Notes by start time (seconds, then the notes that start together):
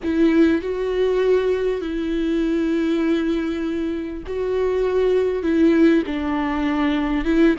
0.03 E4
0.61 F#4
1.81 E4
4.26 F#4
5.42 E4
6.06 D4
7.25 E4